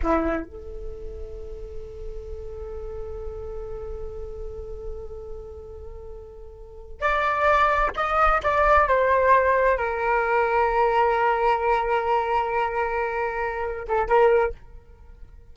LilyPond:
\new Staff \with { instrumentName = "flute" } { \time 4/4 \tempo 4 = 132 e'4 a'2.~ | a'1~ | a'1~ | a'2.~ a'8 d''8~ |
d''4. dis''4 d''4 c''8~ | c''4. ais'2~ ais'8~ | ais'1~ | ais'2~ ais'8 a'8 ais'4 | }